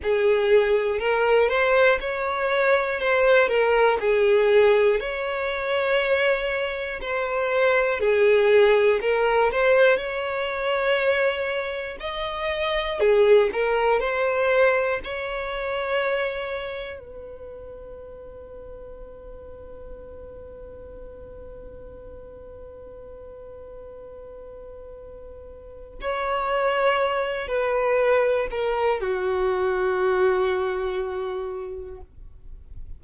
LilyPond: \new Staff \with { instrumentName = "violin" } { \time 4/4 \tempo 4 = 60 gis'4 ais'8 c''8 cis''4 c''8 ais'8 | gis'4 cis''2 c''4 | gis'4 ais'8 c''8 cis''2 | dis''4 gis'8 ais'8 c''4 cis''4~ |
cis''4 b'2.~ | b'1~ | b'2 cis''4. b'8~ | b'8 ais'8 fis'2. | }